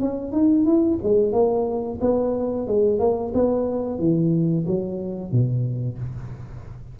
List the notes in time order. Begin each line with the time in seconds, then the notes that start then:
0.00 C#4
0.32 D#4
0.65 E4
1.03 G#3
1.32 A#3
2.01 B3
2.67 G#3
2.99 A#3
3.34 B3
3.99 E3
4.67 F#3
5.32 B2